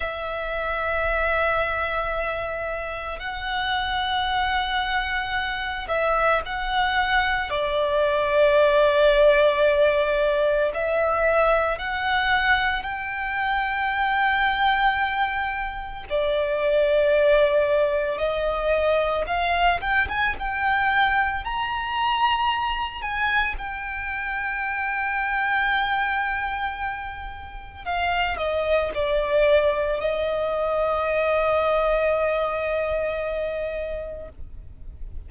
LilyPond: \new Staff \with { instrumentName = "violin" } { \time 4/4 \tempo 4 = 56 e''2. fis''4~ | fis''4. e''8 fis''4 d''4~ | d''2 e''4 fis''4 | g''2. d''4~ |
d''4 dis''4 f''8 g''16 gis''16 g''4 | ais''4. gis''8 g''2~ | g''2 f''8 dis''8 d''4 | dis''1 | }